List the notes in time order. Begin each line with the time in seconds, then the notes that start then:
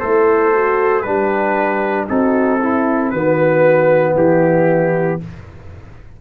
0.00 A3 E4 A4 C5
0.54 F#4
1.02 G3 D4 G4 B4
2.08 C4 D#4 F#4 A4
2.60 E4
3.11 D#3 B3 F#4 B4
4.14 E3 E4 G4